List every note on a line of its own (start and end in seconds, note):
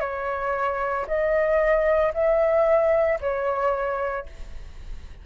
0.00 1.05 C#5
1.07 2.12 D#5
2.13 3.19 E5
3.20 4.25 C#5